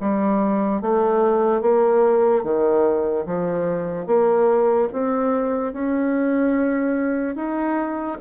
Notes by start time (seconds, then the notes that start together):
0.00 G3
0.81 A3
1.61 A#3
2.43 D#3
3.25 F3
4.06 A#3
4.92 C4
5.72 C#4
7.35 D#4